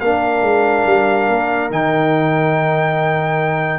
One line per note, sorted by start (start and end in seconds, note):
0.00 0.42 A#3
0.00 1.70 D4
0.00 3.79 A#4
0.00 1.69 F5
0.42 0.84 G#3
0.86 1.28 G3
1.28 1.70 A#3
1.70 3.79 D#3
1.70 3.79 D#4
1.70 3.79 G5